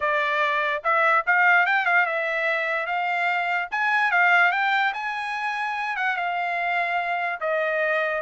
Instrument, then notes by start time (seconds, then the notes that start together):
trumpet
0.00 D5
0.83 E5
1.26 F5
1.66 G5
1.85 F5
2.05 E5
2.86 F5
3.71 G#5
4.11 F5
4.51 G5
4.93 G#5
5.96 F#5
6.16 F5
7.40 D#5